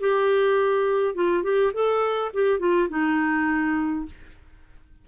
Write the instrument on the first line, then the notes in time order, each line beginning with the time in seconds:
clarinet
0.00 G4
1.15 F4
1.43 G4
1.73 A4
2.34 G4
2.59 F4
2.89 D#4